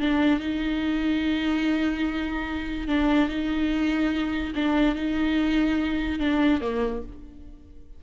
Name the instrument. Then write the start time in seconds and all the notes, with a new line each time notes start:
viola
0.00 D4
0.40 D#4
2.88 D4
3.29 D#4
4.56 D4
4.95 D#4
6.20 D4
6.61 A#3